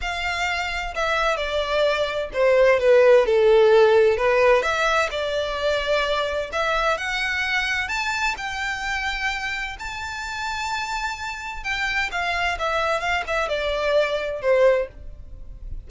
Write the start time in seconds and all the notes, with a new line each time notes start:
0.01 F5
0.95 E5
1.37 D5
2.33 C5
2.79 B4
3.26 A4
4.17 B4
4.62 E5
5.11 D5
6.52 E5
6.97 F#5
7.88 A5
8.37 G5
9.79 A5
11.63 G5
12.11 F5
12.59 E5
13.00 F5
13.27 E5
13.48 D5
14.41 C5